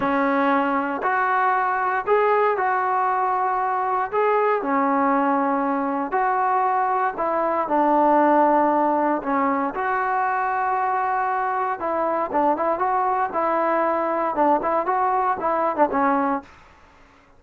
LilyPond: \new Staff \with { instrumentName = "trombone" } { \time 4/4 \tempo 4 = 117 cis'2 fis'2 | gis'4 fis'2. | gis'4 cis'2. | fis'2 e'4 d'4~ |
d'2 cis'4 fis'4~ | fis'2. e'4 | d'8 e'8 fis'4 e'2 | d'8 e'8 fis'4 e'8. d'16 cis'4 | }